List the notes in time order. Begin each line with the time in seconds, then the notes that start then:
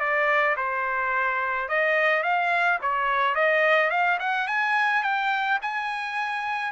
0.00 D5
0.57 C5
1.69 D#5
2.23 F5
2.82 C#5
3.35 D#5
3.90 F5
4.20 F#5
4.48 G#5
5.03 G5
5.62 G#5